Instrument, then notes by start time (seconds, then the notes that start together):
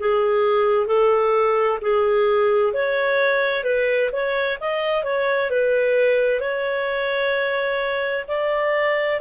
clarinet
0.00 G#4
0.87 A4
1.82 G#4
2.74 C#5
3.64 B4
4.12 C#5
4.61 D#5
5.04 C#5
5.50 B4
6.41 C#5
8.28 D5